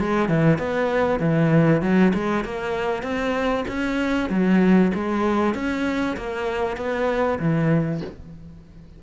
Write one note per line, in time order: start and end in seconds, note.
0.00 0.29 G#3
0.29 0.58 E3
0.58 1.20 B3
1.20 1.82 E3
1.82 2.13 F#3
2.15 2.45 G#3
2.45 3.03 A#3
3.03 3.65 C4
3.68 4.30 C#4
4.30 4.92 F#3
4.95 5.55 G#3
5.55 6.17 C#4
6.17 6.77 A#3
6.77 7.39 B3
7.39 8.01 E3